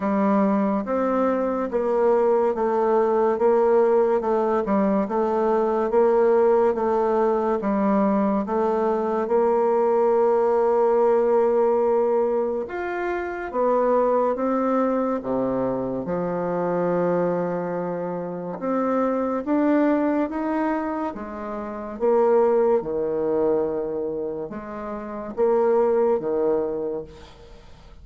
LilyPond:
\new Staff \with { instrumentName = "bassoon" } { \time 4/4 \tempo 4 = 71 g4 c'4 ais4 a4 | ais4 a8 g8 a4 ais4 | a4 g4 a4 ais4~ | ais2. f'4 |
b4 c'4 c4 f4~ | f2 c'4 d'4 | dis'4 gis4 ais4 dis4~ | dis4 gis4 ais4 dis4 | }